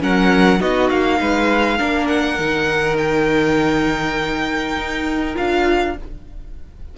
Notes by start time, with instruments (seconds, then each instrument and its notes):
0.00 cello F#3, viola C#4, violin A#4 F#5
0.60 cello B3, viola D#4, violin F#4 D#5
0.90 cello A#3, violin F5
1.20 cello G#3, violin B4
1.78 cello A#3, viola D4, violin A#4
2.07 violin F#5
2.39 cello D#3, viola D#4
2.98 violin G5
4.77 cello D#4
5.34 cello D4, viola F4, violin F5